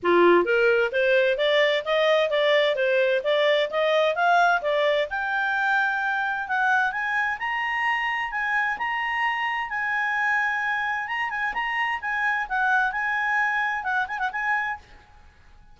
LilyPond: \new Staff \with { instrumentName = "clarinet" } { \time 4/4 \tempo 4 = 130 f'4 ais'4 c''4 d''4 | dis''4 d''4 c''4 d''4 | dis''4 f''4 d''4 g''4~ | g''2 fis''4 gis''4 |
ais''2 gis''4 ais''4~ | ais''4 gis''2. | ais''8 gis''8 ais''4 gis''4 fis''4 | gis''2 fis''8 gis''16 fis''16 gis''4 | }